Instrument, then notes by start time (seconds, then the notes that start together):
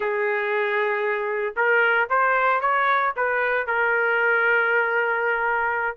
trumpet
0.00 G#4
1.56 A#4
2.09 C5
2.60 C#5
3.16 B4
3.66 A#4